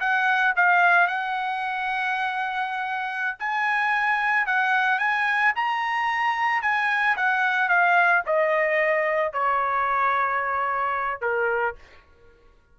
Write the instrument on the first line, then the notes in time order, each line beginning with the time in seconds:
trumpet
0.00 F#5
0.56 F5
1.07 F#5
3.39 G#5
4.46 F#5
4.99 G#5
5.56 A#5
6.62 G#5
7.16 F#5
7.69 F5
8.26 D#5
9.33 C#5
11.21 A#4